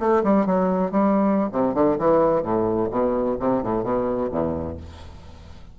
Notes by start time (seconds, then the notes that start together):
0.00 A3
0.24 G3
0.47 F#3
0.92 G3
1.52 C3
1.74 D3
1.99 E3
2.43 A2
2.91 B2
3.40 C3
3.63 A2
3.84 B2
4.31 E2